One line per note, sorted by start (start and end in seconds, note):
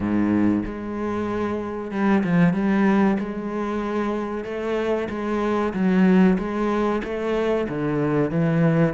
0.00 0.63 G#2
0.65 1.91 G#3
1.91 2.23 G3
2.23 2.53 F3
2.53 3.17 G3
3.19 4.44 G#3
4.44 5.08 A3
5.09 5.73 G#3
5.73 6.37 F#3
6.38 7.02 G#3
7.04 7.67 A3
7.69 8.31 D3
8.31 8.94 E3